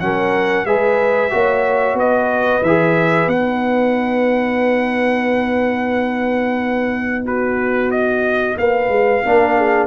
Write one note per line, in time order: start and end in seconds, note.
0.00 0.65 F#3
0.00 0.67 C#4
0.00 0.66 A#4
0.00 0.66 F#5
0.65 1.31 G#3
0.65 1.30 G#4
0.65 1.32 B4
0.65 1.98 E5
1.30 1.94 A#3
1.30 2.62 F#4
1.30 1.99 C#5
1.94 2.60 B3
1.94 2.64 D#5
2.00 7.25 B4
2.62 3.27 E3
2.62 3.32 G#4
2.62 3.29 E5
3.27 8.54 B3
3.27 9.25 D#4
3.27 7.25 F#5
7.25 8.57 F#4
7.25 7.91 B4
7.91 8.57 D#5
8.58 8.89 A#3
8.58 9.25 B4
8.58 9.87 F5
8.89 9.22 G#3
9.25 9.87 A#3
9.25 9.87 D4
9.25 9.57 A#4
9.57 9.87 G#4